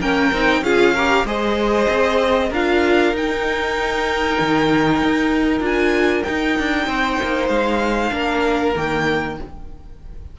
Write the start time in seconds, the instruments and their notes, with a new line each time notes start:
0.00 cello A#3, viola C#4, violin A#4 G5
0.32 cello C4, viola D#4
0.62 cello C#4, viola F4, violin G#4 F5
0.94 viola G4, violin A#4
1.24 cello G#3, viola G#4, violin C5 D#5
1.89 cello C4
2.50 cello D4, viola F4, violin A#4 F5
3.13 cello D#4, viola D#4, violin G5
4.40 cello D#3
5.03 cello D#4
5.60 cello D4, viola F4, violin G#5
6.23 viola D#4, cello D#4, violin G5
6.59 cello D4
6.86 cello C4, violin C5
7.23 cello A#3
7.49 cello G#3, violin F5
8.10 cello A#3, viola D4, violin A#4
8.76 cello D#3, viola A#3, violin G5